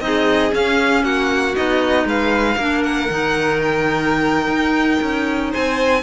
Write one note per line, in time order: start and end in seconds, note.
0.00 0.51 C4
0.00 0.51 D#4
0.00 1.04 G#4
0.00 0.51 D#5
0.51 1.54 C#4
0.51 1.03 C#4
0.51 1.04 F5
1.03 1.54 A#3
1.03 2.07 F#4
1.03 1.55 F#5
1.55 2.05 B3
1.55 2.57 D#4
1.55 2.07 D#5
2.05 2.56 G#3
2.05 2.57 B4
2.05 2.83 F5
2.57 3.09 A#3
2.57 3.10 D4
2.57 5.51 A#4
2.83 3.60 F#5
3.10 4.47 D#3
3.10 6.03 D#4
3.62 5.54 G5
4.47 4.99 D#4
5.02 5.53 C#4
5.51 6.02 C5
5.51 6.03 G#5
5.57 6.03 C4